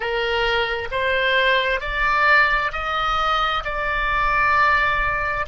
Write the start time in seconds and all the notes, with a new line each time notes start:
0.00 A#4
0.91 C5
1.80 D5
2.72 D#5
3.64 D5